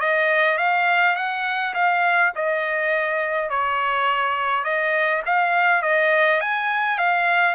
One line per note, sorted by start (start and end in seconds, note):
0.00 0.58 D#5
0.58 1.15 F5
1.15 1.74 F#5
1.74 2.32 F5
2.35 3.50 D#5
3.50 4.64 C#5
4.64 5.22 D#5
5.26 5.82 F5
5.82 6.40 D#5
6.41 6.98 G#5
6.98 7.55 F5